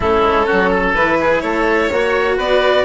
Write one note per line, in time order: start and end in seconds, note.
0.00 0.21 A3
0.00 0.94 C#4
0.00 0.46 E4
0.00 0.95 A4
0.21 0.45 G#3
0.46 0.94 F#3
0.46 0.70 F#4
0.70 1.18 A4
0.94 1.42 E3
0.94 1.89 E4
0.94 1.40 B4
1.20 1.42 G#4
1.40 1.90 A3
1.40 1.90 A4
1.40 2.36 C#5
1.91 2.37 A#3
1.91 2.85 F#4
1.91 2.36 C#5
2.36 2.85 B3
2.36 2.84 B4
2.36 2.85 D5